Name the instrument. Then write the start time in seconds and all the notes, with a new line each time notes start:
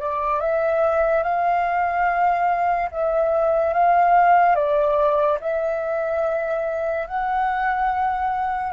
flute
0.00 D5
0.40 E5
1.23 F5
2.91 E5
3.73 F5
4.55 D5
5.41 E5
7.07 F#5